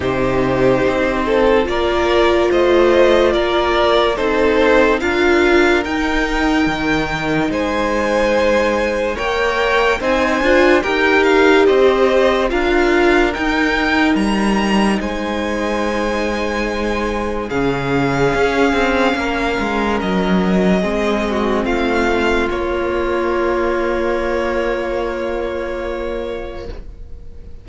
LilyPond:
<<
  \new Staff \with { instrumentName = "violin" } { \time 4/4 \tempo 4 = 72 c''2 d''4 dis''4 | d''4 c''4 f''4 g''4~ | g''4 gis''2 g''4 | gis''4 g''8 f''8 dis''4 f''4 |
g''4 ais''4 gis''2~ | gis''4 f''2. | dis''2 f''4 cis''4~ | cis''1 | }
  \new Staff \with { instrumentName = "violin" } { \time 4/4 g'4. a'8 ais'4 c''4 | ais'4 a'4 ais'2~ | ais'4 c''2 cis''4 | c''4 ais'4 c''4 ais'4~ |
ais'2 c''2~ | c''4 gis'2 ais'4~ | ais'4 gis'8 fis'8 f'2~ | f'1 | }
  \new Staff \with { instrumentName = "viola" } { \time 4/4 dis'2 f'2~ | f'4 dis'4 f'4 dis'4~ | dis'2. ais'4 | dis'8 f'8 g'2 f'4 |
dis'1~ | dis'4 cis'2.~ | cis'4 c'2 ais4~ | ais1 | }
  \new Staff \with { instrumentName = "cello" } { \time 4/4 c4 c'4 ais4 a4 | ais4 c'4 d'4 dis'4 | dis4 gis2 ais4 | c'8 d'8 dis'4 c'4 d'4 |
dis'4 g4 gis2~ | gis4 cis4 cis'8 c'8 ais8 gis8 | fis4 gis4 a4 ais4~ | ais1 | }
>>